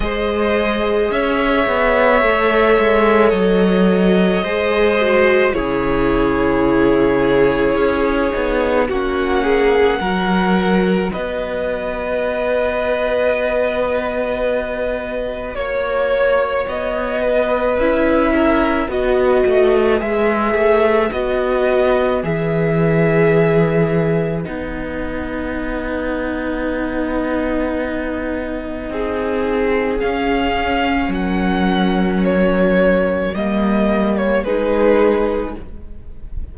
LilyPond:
<<
  \new Staff \with { instrumentName = "violin" } { \time 4/4 \tempo 4 = 54 dis''4 e''2 dis''4~ | dis''4 cis''2. | fis''2 dis''2~ | dis''2 cis''4 dis''4 |
e''4 dis''4 e''4 dis''4 | e''2 fis''2~ | fis''2. f''4 | fis''4 cis''4 dis''8. cis''16 b'4 | }
  \new Staff \with { instrumentName = "violin" } { \time 4/4 c''4 cis''2. | c''4 gis'2. | fis'8 gis'8 ais'4 b'2~ | b'2 cis''4. b'8~ |
b'8 ais'8 b'2.~ | b'1~ | b'2 gis'2 | ais'2. gis'4 | }
  \new Staff \with { instrumentName = "viola" } { \time 4/4 gis'2 a'2 | gis'8 fis'8 e'2~ e'8 dis'8 | cis'4 fis'2.~ | fis'1 |
e'4 fis'4 gis'4 fis'4 | gis'2 dis'2~ | dis'2. cis'4~ | cis'2 ais4 dis'4 | }
  \new Staff \with { instrumentName = "cello" } { \time 4/4 gis4 cis'8 b8 a8 gis8 fis4 | gis4 cis2 cis'8 b8 | ais4 fis4 b2~ | b2 ais4 b4 |
cis'4 b8 a8 gis8 a8 b4 | e2 b2~ | b2 c'4 cis'4 | fis2 g4 gis4 | }
>>